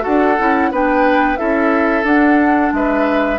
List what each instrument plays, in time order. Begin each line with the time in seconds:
0.00 bassoon D4, clarinet F#4, oboe A4, flute F#5
0.39 bassoon C#4, clarinet E4
0.71 bassoon B3, clarinet D4, oboe B4, flute G5
1.37 bassoon C#4, clarinet E4, oboe A4, flute E5
2.03 bassoon D4, clarinet D4, flute F#5
2.72 bassoon G#3, oboe B4, flute E5